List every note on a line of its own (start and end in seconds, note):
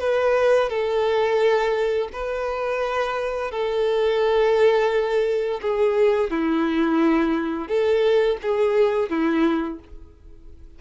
0.00 0.69 B4
0.69 2.09 A4
2.13 3.51 B4
3.51 5.61 A4
5.62 6.31 G#4
6.31 7.68 E4
7.68 8.38 A4
8.42 9.10 G#4
9.10 9.80 E4